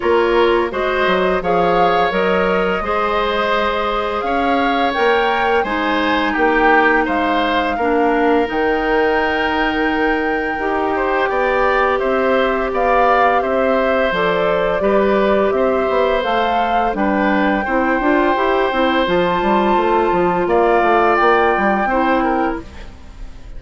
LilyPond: <<
  \new Staff \with { instrumentName = "flute" } { \time 4/4 \tempo 4 = 85 cis''4 dis''4 f''4 dis''4~ | dis''2 f''4 g''4 | gis''4 g''4 f''2 | g''1~ |
g''4 e''4 f''4 e''4 | d''2 e''4 f''4 | g''2. a''4~ | a''4 f''4 g''2 | }
  \new Staff \with { instrumentName = "oboe" } { \time 4/4 ais'4 c''4 cis''2 | c''2 cis''2 | c''4 g'4 c''4 ais'4~ | ais'2.~ ais'8 c''8 |
d''4 c''4 d''4 c''4~ | c''4 b'4 c''2 | b'4 c''2.~ | c''4 d''2 c''8 ais'8 | }
  \new Staff \with { instrumentName = "clarinet" } { \time 4/4 f'4 fis'4 gis'4 ais'4 | gis'2. ais'4 | dis'2. d'4 | dis'2. g'4~ |
g'1 | a'4 g'2 a'4 | d'4 e'8 f'8 g'8 e'8 f'4~ | f'2. e'4 | }
  \new Staff \with { instrumentName = "bassoon" } { \time 4/4 ais4 gis8 fis8 f4 fis4 | gis2 cis'4 ais4 | gis4 ais4 gis4 ais4 | dis2. dis'4 |
b4 c'4 b4 c'4 | f4 g4 c'8 b8 a4 | g4 c'8 d'8 e'8 c'8 f8 g8 | a8 f8 ais8 a8 ais8 g8 c'4 | }
>>